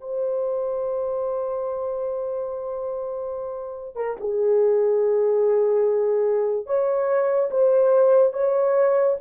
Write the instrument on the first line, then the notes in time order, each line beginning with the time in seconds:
horn
0.00 C5
3.95 A#4
4.20 G#4
6.66 C#5
7.50 C5
8.33 C#5